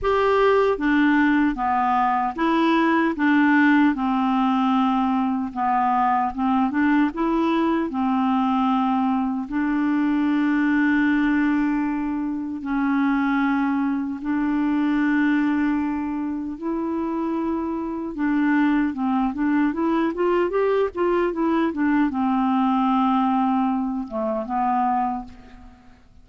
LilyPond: \new Staff \with { instrumentName = "clarinet" } { \time 4/4 \tempo 4 = 76 g'4 d'4 b4 e'4 | d'4 c'2 b4 | c'8 d'8 e'4 c'2 | d'1 |
cis'2 d'2~ | d'4 e'2 d'4 | c'8 d'8 e'8 f'8 g'8 f'8 e'8 d'8 | c'2~ c'8 a8 b4 | }